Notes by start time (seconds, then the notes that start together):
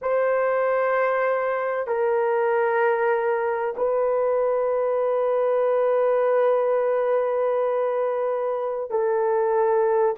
0.01 C5
1.87 A#4
3.76 B4
8.90 A4